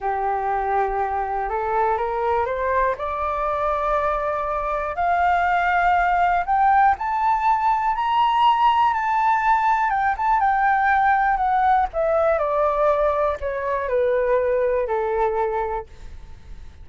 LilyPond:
\new Staff \with { instrumentName = "flute" } { \time 4/4 \tempo 4 = 121 g'2. a'4 | ais'4 c''4 d''2~ | d''2 f''2~ | f''4 g''4 a''2 |
ais''2 a''2 | g''8 a''8 g''2 fis''4 | e''4 d''2 cis''4 | b'2 a'2 | }